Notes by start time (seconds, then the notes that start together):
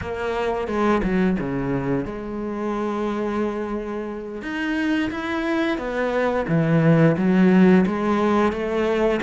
0.01 A#3
0.67 G#3
1.03 F#3
1.39 C#3
2.05 G#3
4.42 D#4
5.10 E4
5.78 B3
6.47 E3
7.17 F#3
7.86 G#3
8.52 A3